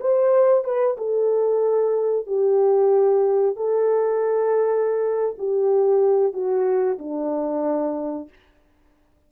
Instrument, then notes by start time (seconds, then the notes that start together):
horn
0.00 C5
0.64 B4
0.97 A4
2.26 G4
3.56 A4
5.38 G4
6.33 F#4
6.98 D4